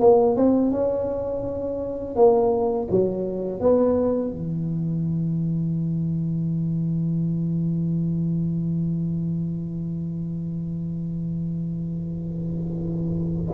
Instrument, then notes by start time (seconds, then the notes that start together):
tuba
0.00 A#3
0.36 C4
0.72 C#4
2.16 A#3
2.90 F#3
3.60 B3
4.31 E3